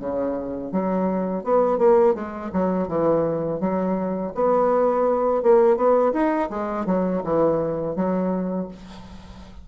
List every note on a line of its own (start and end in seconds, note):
0.00 0.72 C#3
0.72 1.44 F#3
1.44 1.79 B3
1.79 2.15 A#3
2.15 2.51 G#3
2.53 2.88 F#3
2.88 3.61 E3
3.61 4.33 F#3
4.35 5.43 B3
5.43 5.77 A#3
5.77 6.13 B3
6.14 6.50 D#4
6.50 6.86 G#3
6.86 7.23 F#3
7.24 7.96 E3
7.96 8.68 F#3